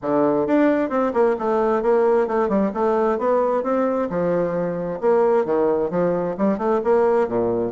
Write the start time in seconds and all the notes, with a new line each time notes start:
0.02 D3
0.46 D4
0.89 C4
1.13 A#3
1.38 A3
1.82 A#3
2.27 A3
2.48 G3
2.74 A3
3.18 B3
3.63 C4
4.09 F3
5.01 A#3
5.45 D#3
5.90 F3
6.37 G3
6.58 A3
6.83 A#3
7.27 A#2